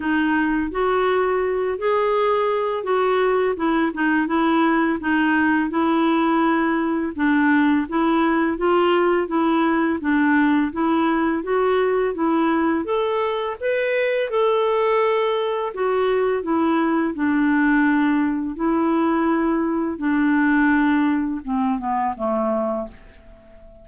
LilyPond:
\new Staff \with { instrumentName = "clarinet" } { \time 4/4 \tempo 4 = 84 dis'4 fis'4. gis'4. | fis'4 e'8 dis'8 e'4 dis'4 | e'2 d'4 e'4 | f'4 e'4 d'4 e'4 |
fis'4 e'4 a'4 b'4 | a'2 fis'4 e'4 | d'2 e'2 | d'2 c'8 b8 a4 | }